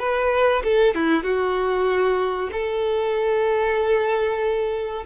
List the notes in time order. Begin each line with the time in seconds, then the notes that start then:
0.00 B4
0.65 A4
0.95 E4
1.24 F#4
2.53 A4